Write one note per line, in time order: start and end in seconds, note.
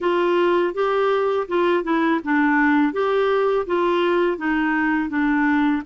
0.00 0.74 F4
0.74 1.47 G4
1.48 1.83 F4
1.83 2.20 E4
2.24 2.93 D4
2.93 3.66 G4
3.66 4.37 F4
4.37 5.09 D#4
5.09 5.82 D4